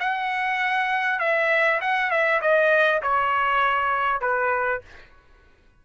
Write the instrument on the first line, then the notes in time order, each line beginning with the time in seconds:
trumpet
0.00 F#5
1.20 E5
1.82 F#5
2.11 E5
2.42 D#5
3.03 C#5
4.21 B4